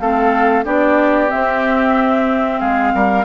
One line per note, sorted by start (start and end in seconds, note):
0.00 0.66 A3
0.00 0.65 C4
0.00 0.65 A4
0.00 0.65 F5
0.65 1.31 B3
0.65 1.29 D4
0.65 2.60 G4
0.65 1.30 D5
1.29 3.24 C4
1.29 2.61 C4
1.29 2.60 E5
2.60 2.94 G#3
2.60 2.93 G#4
2.60 3.25 F5
2.94 3.25 G3
2.94 3.25 A#4